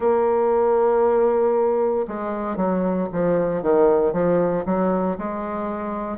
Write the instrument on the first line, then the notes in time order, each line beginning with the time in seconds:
bassoon
0.00 A#3
2.07 G#3
2.56 F#3
3.12 F3
3.62 D#3
4.12 F3
4.65 F#3
5.18 G#3